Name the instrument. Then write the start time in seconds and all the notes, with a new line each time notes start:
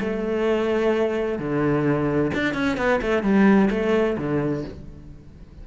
cello
0.00 A3
1.38 D3
2.34 D4
2.54 C#4
2.77 B3
3.01 A3
3.23 G3
3.70 A3
4.18 D3